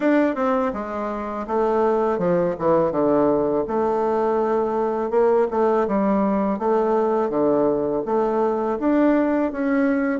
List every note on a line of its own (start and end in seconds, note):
0.00 0.35 D4
0.35 0.72 C4
0.73 1.46 G#3
1.47 2.18 A3
2.18 2.54 F3
2.58 2.91 E3
2.91 3.64 D3
3.67 5.10 A3
5.10 5.47 A#3
5.50 5.87 A3
5.87 6.59 G3
6.59 7.29 A3
7.29 8.02 D3
8.05 8.78 A3
8.79 9.52 D4
9.52 10.20 C#4